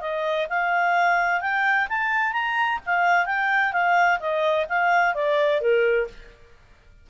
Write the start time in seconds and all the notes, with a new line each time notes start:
0.00 D#5
0.49 F5
1.41 G5
1.89 A5
2.32 A#5
2.85 F5
3.26 G5
3.72 F5
4.19 D#5
4.68 F5
5.14 D5
5.60 A#4